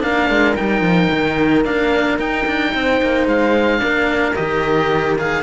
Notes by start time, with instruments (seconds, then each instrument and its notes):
0.00 cello A#3 D4, horn A#4, oboe F5
0.30 cello G#3
0.56 cello G3 D#4, oboe G5
0.81 cello F3
1.11 cello D#3
1.65 cello A#3 D4, oboe F5
2.18 cello D#4, oboe G5
2.46 cello D4
2.74 cello C4, horn C5
3.02 cello A#3
3.27 cello G#3, oboe F5
3.78 cello A#3 D4, horn A#4
4.35 cello D#3 G4, oboe D#5
5.18 cello G#4, oboe F5